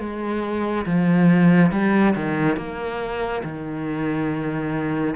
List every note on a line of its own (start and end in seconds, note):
0.00 0.86 G#3
0.86 1.72 F3
1.72 2.15 G3
2.15 2.57 D#3
2.57 3.43 A#3
3.44 5.15 D#3